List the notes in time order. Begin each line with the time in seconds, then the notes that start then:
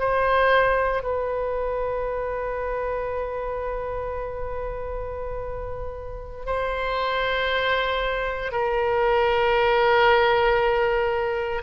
0.00 C5
1.03 B4
6.47 C5
8.53 A#4